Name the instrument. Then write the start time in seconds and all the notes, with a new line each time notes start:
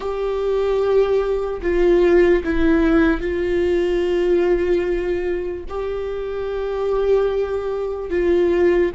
viola
0.00 G4
1.62 F4
2.44 E4
3.20 F4
5.69 G4
8.10 F4